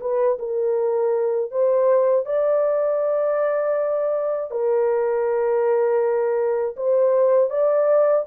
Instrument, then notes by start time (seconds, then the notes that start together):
horn
0.00 B4
0.39 A#4
1.51 C5
2.25 D5
4.50 A#4
6.76 C5
7.50 D5